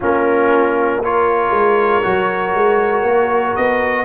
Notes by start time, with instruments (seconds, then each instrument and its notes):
0.00 tuba A#3, trombone C#4, horn F4, trumpet A#4
1.02 trombone F4, horn A#4, trumpet C#5
1.50 tuba G#3
2.02 tuba F#3, trombone F#4
2.54 tuba G#3
3.02 tuba A#3
3.56 tuba B3, trumpet D#5